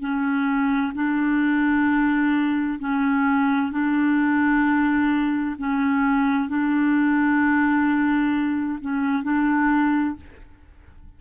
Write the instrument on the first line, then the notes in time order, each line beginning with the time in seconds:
clarinet
0.00 C#4
0.95 D4
2.80 C#4
3.72 D4
5.58 C#4
6.49 D4
8.82 C#4
9.23 D4